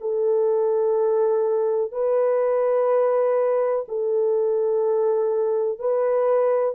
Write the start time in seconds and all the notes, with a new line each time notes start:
0.00 A4
1.91 B4
3.88 A4
5.79 B4